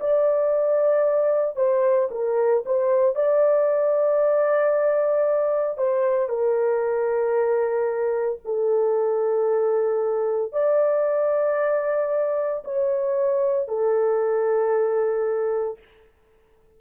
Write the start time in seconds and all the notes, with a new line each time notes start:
0.00 D5
1.56 C5
2.11 A#4
2.66 C5
3.15 D5
5.78 C5
6.29 A#4
8.45 A4
10.53 D5
12.65 C#5
13.68 A4